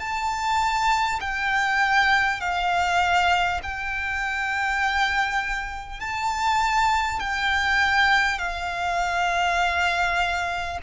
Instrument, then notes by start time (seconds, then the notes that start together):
violin
0.00 A5
1.21 G5
2.41 F5
3.63 G5
6.00 A5
7.20 G5
8.38 F5